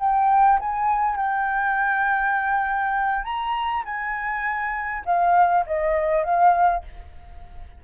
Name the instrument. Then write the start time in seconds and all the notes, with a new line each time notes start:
flute
0.00 G5
0.60 G#5
1.17 G5
3.25 A#5
3.85 G#5
5.06 F5
5.67 D#5
6.25 F5